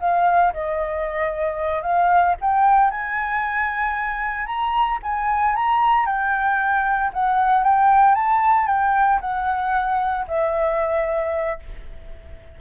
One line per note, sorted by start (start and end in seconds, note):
0.00 0.53 F5
0.53 1.82 D#5
1.82 2.35 F5
2.40 2.91 G5
2.91 4.46 G#5
4.46 4.99 A#5
5.03 5.55 G#5
5.56 6.06 A#5
6.06 7.11 G5
7.13 7.63 F#5
7.63 8.15 G5
8.15 8.67 A5
8.67 9.19 G5
9.21 10.26 F#5
10.28 11.59 E5